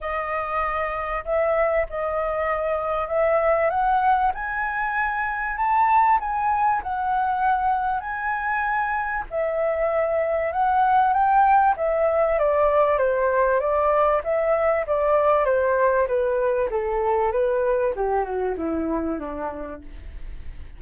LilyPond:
\new Staff \with { instrumentName = "flute" } { \time 4/4 \tempo 4 = 97 dis''2 e''4 dis''4~ | dis''4 e''4 fis''4 gis''4~ | gis''4 a''4 gis''4 fis''4~ | fis''4 gis''2 e''4~ |
e''4 fis''4 g''4 e''4 | d''4 c''4 d''4 e''4 | d''4 c''4 b'4 a'4 | b'4 g'8 fis'8 e'4 d'4 | }